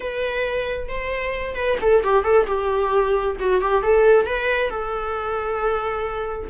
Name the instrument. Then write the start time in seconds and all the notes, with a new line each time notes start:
viola
0.00 B4
0.88 C5
1.55 B4
1.81 A4
2.03 G4
2.23 A4
2.46 G4
3.39 F#4
3.61 G4
3.82 A4
4.26 B4
4.70 A4